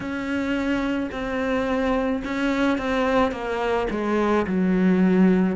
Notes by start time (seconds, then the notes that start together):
0.00 C#4
1.11 C4
2.24 C#4
2.78 C4
3.31 A#3
3.90 G#3
4.46 F#3